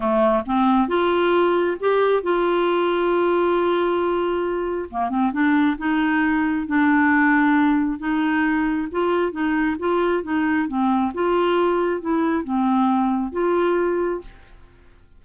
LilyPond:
\new Staff \with { instrumentName = "clarinet" } { \time 4/4 \tempo 4 = 135 a4 c'4 f'2 | g'4 f'2.~ | f'2. ais8 c'8 | d'4 dis'2 d'4~ |
d'2 dis'2 | f'4 dis'4 f'4 dis'4 | c'4 f'2 e'4 | c'2 f'2 | }